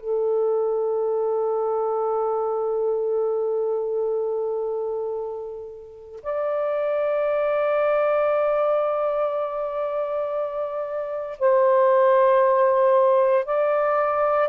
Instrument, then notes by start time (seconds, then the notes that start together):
saxophone
0.00 A4
6.23 D5
11.39 C5
13.45 D5